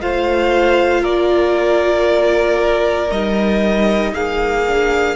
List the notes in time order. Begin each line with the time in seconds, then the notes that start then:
0.00 A3 F4 C5 F5
1.01 A#3 A#4 D5
3.09 G3 D#4 D#5
4.13 A#3 G#4 F5
4.66 D4